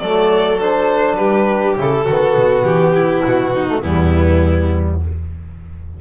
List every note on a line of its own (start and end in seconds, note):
0.00 1.17 F#3
0.00 0.60 A3
0.00 1.19 A4
0.00 0.59 D5
0.60 1.77 D4
0.60 1.16 C5
1.16 1.76 G3
1.16 2.05 G4
1.16 1.75 B4
1.77 2.07 C#3
1.77 2.06 E4
1.77 2.64 A4
2.05 2.36 D#3
2.05 3.69 B3
2.05 2.93 F#4
2.36 2.64 B2
2.64 3.23 E3
2.64 3.23 G4
2.95 3.54 E4
3.25 3.83 B2
3.25 3.83 F#4
3.55 3.82 D#4
3.69 3.83 A3
3.82 5.01 E2
3.82 5.01 G3
3.82 5.00 B3
3.82 5.00 E4